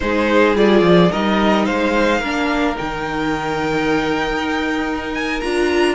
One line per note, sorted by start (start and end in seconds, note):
0.00 0.55 G#3
0.00 0.55 D#4
0.00 1.11 G#4
0.00 0.56 C5
0.55 0.81 G3
0.55 1.10 F4
0.55 1.11 D5
0.81 1.09 F3
1.11 1.67 G3
1.11 2.22 D#4
1.11 1.66 A#4
1.11 1.65 D#5
1.65 2.20 G#3
1.65 2.20 C5
1.65 2.76 F5
2.20 2.76 A#3
2.20 2.75 D4
2.20 5.94 A#4
2.75 4.30 D#3
2.75 5.39 D#4
2.75 5.14 G5
4.30 5.41 D#4
5.14 5.40 G#5
5.40 5.94 D4
5.40 5.94 F4
5.40 5.94 A#5